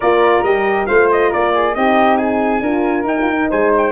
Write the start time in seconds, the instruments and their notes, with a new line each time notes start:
0.00 tuba A#3, horn F4, flute A#4, trumpet D5
0.42 tuba G3, horn G4, trumpet D#5
0.86 tuba A3, horn F4, flute C5, trumpet F5
1.11 trumpet D#5
1.29 tuba A#3, flute A#4, trumpet D5
1.53 flute G#4
1.74 tuba C4, horn D#4, flute G4, trumpet D#5
2.17 flute G#4, trumpet G#5
2.61 tuba D4, horn F4, flute A#4
3.03 tuba D#4, horn D#4, trumpet G5
3.21 horn F4
3.30 horn D#4
3.50 tuba G#3, flute C5, trumpet G#5
3.77 trumpet G5